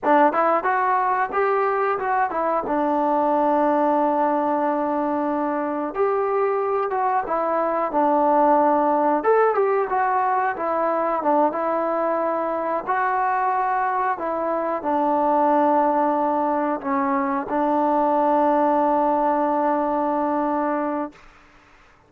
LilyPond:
\new Staff \with { instrumentName = "trombone" } { \time 4/4 \tempo 4 = 91 d'8 e'8 fis'4 g'4 fis'8 e'8 | d'1~ | d'4 g'4. fis'8 e'4 | d'2 a'8 g'8 fis'4 |
e'4 d'8 e'2 fis'8~ | fis'4. e'4 d'4.~ | d'4. cis'4 d'4.~ | d'1 | }